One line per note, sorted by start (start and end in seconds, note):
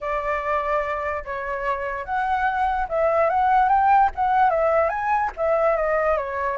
0.00 1.24 D5
1.24 2.05 C#5
2.05 2.87 F#5
2.88 3.29 E5
3.29 3.69 F#5
3.69 4.10 G5
4.15 4.50 F#5
4.50 4.89 E5
4.89 5.30 G#5
5.36 5.76 E5
5.76 6.17 D#5
6.17 6.57 C#5